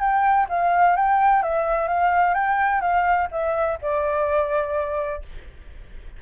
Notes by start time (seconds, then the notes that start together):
0.00 G5
0.49 F5
0.96 G5
1.43 E5
1.88 F5
2.34 G5
2.81 F5
3.32 E5
3.82 D5